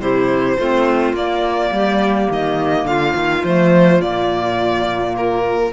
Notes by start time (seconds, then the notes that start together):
0.00 C3 E4 G4 C5
0.58 A3 C4 F4
1.14 A#3 D5
1.71 G3 G4
2.30 D#3 D#5
2.85 D3 F4 F5
3.15 D#3
3.44 F3 A3 C5
4.01 A#2 A#3 D5
5.17 A#4